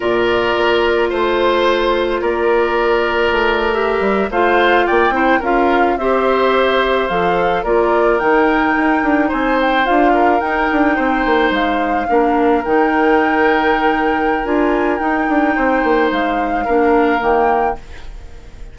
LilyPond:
<<
  \new Staff \with { instrumentName = "flute" } { \time 4/4 \tempo 4 = 108 d''2 c''2 | d''2~ d''8. e''4 f''16~ | f''8. g''4 f''4 e''4~ e''16~ | e''8. f''4 d''4 g''4~ g''16~ |
g''8. gis''8 g''8 f''4 g''4~ g''16~ | g''8. f''2 g''4~ g''16~ | g''2 gis''4 g''4~ | g''4 f''2 g''4 | }
  \new Staff \with { instrumentName = "oboe" } { \time 4/4 ais'2 c''2 | ais'2.~ ais'8. c''16~ | c''8. d''8 c''8 ais'4 c''4~ c''16~ | c''4.~ c''16 ais'2~ ais'16~ |
ais'8. c''4. ais'4. c''16~ | c''4.~ c''16 ais'2~ ais'16~ | ais'1 | c''2 ais'2 | }
  \new Staff \with { instrumentName = "clarinet" } { \time 4/4 f'1~ | f'2~ f'8. g'4 f'16~ | f'4~ f'16 e'8 f'4 g'4~ g'16~ | g'8. a'4 f'4 dis'4~ dis'16~ |
dis'4.~ dis'16 f'4 dis'4~ dis'16~ | dis'4.~ dis'16 d'4 dis'4~ dis'16~ | dis'2 f'4 dis'4~ | dis'2 d'4 ais4 | }
  \new Staff \with { instrumentName = "bassoon" } { \time 4/4 ais,4 ais4 a2 | ais2 a4~ a16 g8 a16~ | a8. ais8 c'8 cis'4 c'4~ c'16~ | c'8. f4 ais4 dis4 dis'16~ |
dis'16 d'8 c'4 d'4 dis'8 d'8 c'16~ | c'16 ais8 gis4 ais4 dis4~ dis16~ | dis2 d'4 dis'8 d'8 | c'8 ais8 gis4 ais4 dis4 | }
>>